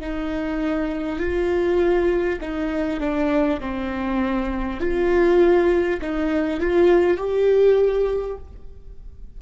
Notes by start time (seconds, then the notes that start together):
0.00 D#4
1.19 F4
2.40 D#4
2.99 D4
3.60 C4
4.80 F4
6.01 D#4
6.60 F4
7.17 G4